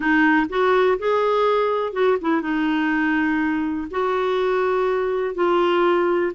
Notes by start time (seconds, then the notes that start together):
0.00 D#4
0.49 F#4
0.98 G#4
1.92 F#4
2.21 E4
2.41 D#4
3.90 F#4
5.34 F4